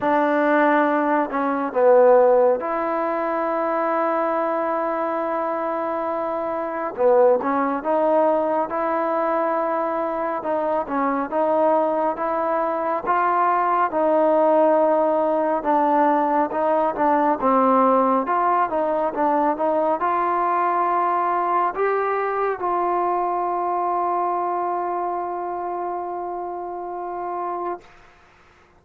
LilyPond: \new Staff \with { instrumentName = "trombone" } { \time 4/4 \tempo 4 = 69 d'4. cis'8 b4 e'4~ | e'1 | b8 cis'8 dis'4 e'2 | dis'8 cis'8 dis'4 e'4 f'4 |
dis'2 d'4 dis'8 d'8 | c'4 f'8 dis'8 d'8 dis'8 f'4~ | f'4 g'4 f'2~ | f'1 | }